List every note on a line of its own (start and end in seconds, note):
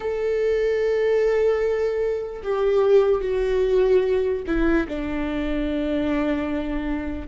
0.00 2.42 A4
2.43 3.21 G4
3.21 4.42 F#4
4.46 4.87 E4
4.88 7.27 D4